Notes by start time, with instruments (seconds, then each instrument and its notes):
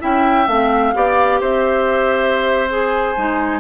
0.00 bassoon C#4, clarinet E4, oboe E5, flute G5
0.47 bassoon A3, clarinet C4, flute F5
0.94 bassoon B3, clarinet G4, oboe D5
1.40 bassoon C4, oboe C5, flute E5
2.69 clarinet G#4, flute G#5
3.17 bassoon G#3, clarinet D#4